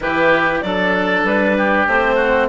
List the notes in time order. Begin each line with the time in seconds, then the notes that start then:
0.00 E3 E4 G4 B4
0.60 F#3 D4 A4 D5
1.23 G3 B4
1.57 G4
1.87 A3 C4 C5
2.15 F#4